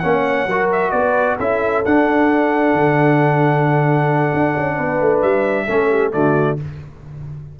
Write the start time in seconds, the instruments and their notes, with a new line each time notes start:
0.00 tuba A#3, trombone C#4, horn C#5, trumpet F#5
0.47 tuba F#3, trombone F#4, horn A#4
0.73 trumpet E5
0.91 tuba B3, horn B4, trumpet D5
1.39 tuba C#4, trombone E4, horn A4, trumpet E5
1.85 tuba D4, trombone D4, trumpet F#5
2.74 tuba D3
4.34 tuba D4
4.57 tuba C#4
4.77 tuba B3, horn B4
5.01 tuba A3
5.22 tuba G3, trumpet E5
5.66 tuba A3, trombone C#4, horn A4
5.90 horn G4
6.12 tuba D3, trombone A3, horn F#4, trumpet D5